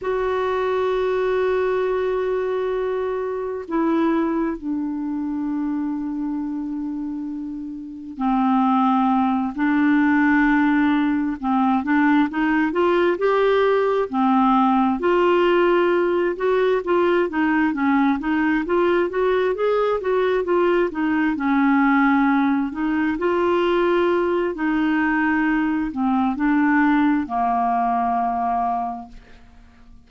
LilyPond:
\new Staff \with { instrumentName = "clarinet" } { \time 4/4 \tempo 4 = 66 fis'1 | e'4 d'2.~ | d'4 c'4. d'4.~ | d'8 c'8 d'8 dis'8 f'8 g'4 c'8~ |
c'8 f'4. fis'8 f'8 dis'8 cis'8 | dis'8 f'8 fis'8 gis'8 fis'8 f'8 dis'8 cis'8~ | cis'4 dis'8 f'4. dis'4~ | dis'8 c'8 d'4 ais2 | }